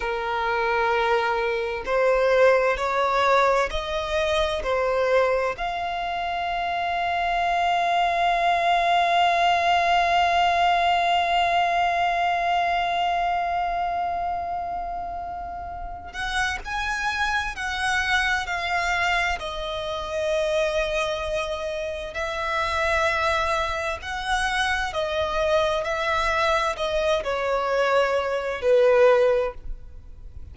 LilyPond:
\new Staff \with { instrumentName = "violin" } { \time 4/4 \tempo 4 = 65 ais'2 c''4 cis''4 | dis''4 c''4 f''2~ | f''1~ | f''1~ |
f''4. fis''8 gis''4 fis''4 | f''4 dis''2. | e''2 fis''4 dis''4 | e''4 dis''8 cis''4. b'4 | }